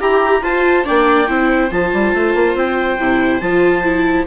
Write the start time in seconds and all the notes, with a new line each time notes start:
0.00 E4 G4 A#5
0.42 F4 C5 A5
0.84 A#3 D4 D5 G5
1.28 C4 E4 C5
1.71 F3 F4 A5
1.93 G3
2.14 A3
2.35 A#3
2.55 C4 G5
2.99 C3 E4
3.40 F3 F4 A5
3.84 E4